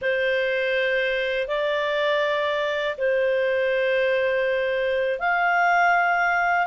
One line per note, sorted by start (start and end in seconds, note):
0.01 1.47 C5
1.47 2.96 D5
2.97 5.19 C5
5.19 6.66 F5